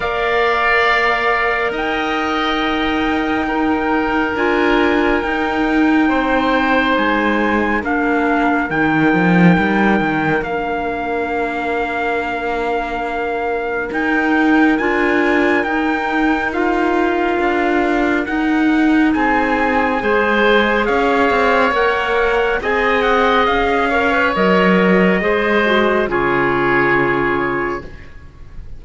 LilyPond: <<
  \new Staff \with { instrumentName = "trumpet" } { \time 4/4 \tempo 4 = 69 f''2 g''2~ | g''4 gis''4 g''2 | gis''4 f''4 g''2 | f''1 |
g''4 gis''4 g''4 f''4~ | f''4 fis''4 gis''2 | f''4 fis''4 gis''8 fis''8 f''4 | dis''2 cis''2 | }
  \new Staff \with { instrumentName = "oboe" } { \time 4/4 d''2 dis''2 | ais'2. c''4~ | c''4 ais'2.~ | ais'1~ |
ais'1~ | ais'2 gis'4 c''4 | cis''2 dis''4. cis''8~ | cis''4 c''4 gis'2 | }
  \new Staff \with { instrumentName = "clarinet" } { \time 4/4 ais'1 | dis'4 f'4 dis'2~ | dis'4 d'4 dis'2 | d'1 |
dis'4 f'4 dis'4 f'4~ | f'4 dis'2 gis'4~ | gis'4 ais'4 gis'4. ais'16 b'16 | ais'4 gis'8 fis'8 f'2 | }
  \new Staff \with { instrumentName = "cello" } { \time 4/4 ais2 dis'2~ | dis'4 d'4 dis'4 c'4 | gis4 ais4 dis8 f8 g8 dis8 | ais1 |
dis'4 d'4 dis'2 | d'4 dis'4 c'4 gis4 | cis'8 c'8 ais4 c'4 cis'4 | fis4 gis4 cis2 | }
>>